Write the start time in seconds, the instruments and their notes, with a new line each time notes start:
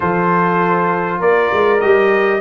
0.00 tuba F3, trombone F4, horn A4, trumpet C5
1.18 tuba A#3, horn A#4, trumpet D5
1.52 tuba G#3
1.80 tuba G3, trombone G4, trumpet D#5